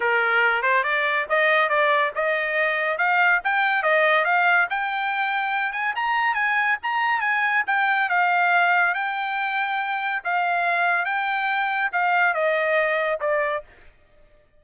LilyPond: \new Staff \with { instrumentName = "trumpet" } { \time 4/4 \tempo 4 = 141 ais'4. c''8 d''4 dis''4 | d''4 dis''2 f''4 | g''4 dis''4 f''4 g''4~ | g''4. gis''8 ais''4 gis''4 |
ais''4 gis''4 g''4 f''4~ | f''4 g''2. | f''2 g''2 | f''4 dis''2 d''4 | }